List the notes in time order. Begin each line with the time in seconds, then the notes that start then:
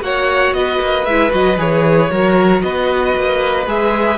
0.00 A#3 F#4 C#5 F#5
0.52 B3 B4 D#5
0.80 A#3
1.05 G#3 E4 E5
1.30 F#3 F#4 D#5
1.58 E3 G#4 C#5
2.10 F#3 F#4 A#4
2.62 B3 B4 D#5
3.16 A#3
3.66 G#3 G#4 E5